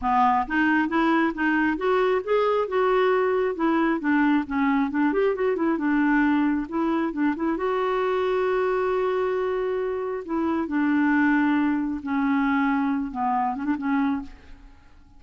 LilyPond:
\new Staff \with { instrumentName = "clarinet" } { \time 4/4 \tempo 4 = 135 b4 dis'4 e'4 dis'4 | fis'4 gis'4 fis'2 | e'4 d'4 cis'4 d'8 g'8 | fis'8 e'8 d'2 e'4 |
d'8 e'8 fis'2.~ | fis'2. e'4 | d'2. cis'4~ | cis'4. b4 cis'16 d'16 cis'4 | }